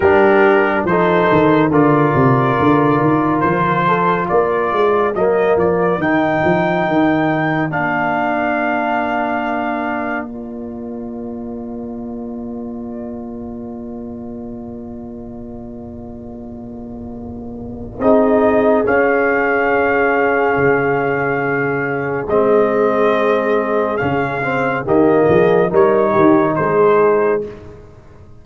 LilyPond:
<<
  \new Staff \with { instrumentName = "trumpet" } { \time 4/4 \tempo 4 = 70 ais'4 c''4 d''2 | c''4 d''4 dis''8 d''8 g''4~ | g''4 f''2. | d''1~ |
d''1~ | d''4 dis''4 f''2~ | f''2 dis''2 | f''4 dis''4 cis''4 c''4 | }
  \new Staff \with { instrumentName = "horn" } { \time 4/4 g'4 a'4 ais'2~ | ais'8 a'8 ais'2.~ | ais'1~ | ais'1~ |
ais'1~ | ais'4 gis'2.~ | gis'1~ | gis'4 g'8 gis'8 ais'8 g'8 gis'4 | }
  \new Staff \with { instrumentName = "trombone" } { \time 4/4 d'4 dis'4 f'2~ | f'2 ais4 dis'4~ | dis'4 d'2. | f'1~ |
f'1~ | f'4 dis'4 cis'2~ | cis'2 c'2 | cis'8 c'8 ais4 dis'2 | }
  \new Staff \with { instrumentName = "tuba" } { \time 4/4 g4 f8 dis8 d8 c8 d8 dis8 | f4 ais8 gis8 fis8 f8 dis8 f8 | dis4 ais2.~ | ais1~ |
ais1~ | ais4 c'4 cis'2 | cis2 gis2 | cis4 dis8 f8 g8 dis8 gis4 | }
>>